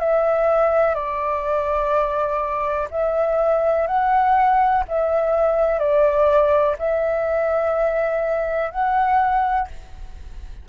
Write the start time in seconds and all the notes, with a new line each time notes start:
0.00 E5
0.95 D5
2.91 E5
3.88 F#5
4.89 E5
5.79 D5
6.79 E5
8.71 F#5